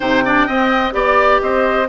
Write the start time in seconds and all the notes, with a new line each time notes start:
0.00 C3 D#4 C5 G5
0.24 D4 D5
0.46 C4 D#5
0.92 B3 G4 D5
1.41 C4 C5 D#5